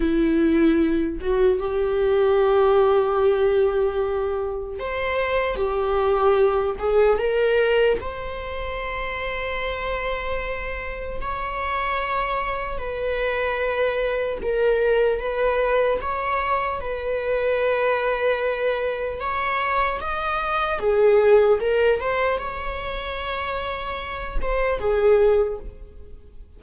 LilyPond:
\new Staff \with { instrumentName = "viola" } { \time 4/4 \tempo 4 = 75 e'4. fis'8 g'2~ | g'2 c''4 g'4~ | g'8 gis'8 ais'4 c''2~ | c''2 cis''2 |
b'2 ais'4 b'4 | cis''4 b'2. | cis''4 dis''4 gis'4 ais'8 c''8 | cis''2~ cis''8 c''8 gis'4 | }